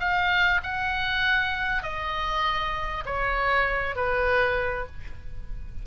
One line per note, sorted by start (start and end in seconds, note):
0.00 0.61 F5
0.63 1.83 F#5
1.83 3.04 D#5
3.06 3.96 C#5
3.96 4.87 B4